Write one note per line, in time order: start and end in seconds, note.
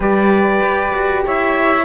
0.00 0.61 G3
0.00 1.82 G4
0.00 1.24 B4
0.00 1.25 D5
0.62 0.93 G4
0.94 1.25 F#4
1.25 1.84 E4
1.25 1.84 C#5
1.25 1.84 E5